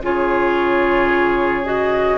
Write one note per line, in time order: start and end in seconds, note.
0.00 2.18 C#3
0.00 1.65 F4
0.00 2.18 G#4
0.00 1.66 C#5
1.65 2.18 F#4
1.65 2.18 D#5